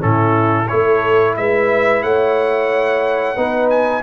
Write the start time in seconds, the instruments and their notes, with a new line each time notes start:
0.00 tuba A2, trombone C#4, horn E4, trumpet A4
0.68 tuba A3, trombone E4, horn A4, trumpet C#5
1.37 tuba G#3, horn B4, trumpet E5
2.02 tuba A3, horn C#5, trumpet F#5
3.36 tuba B3, trombone D#4, horn B4
3.70 trumpet G#5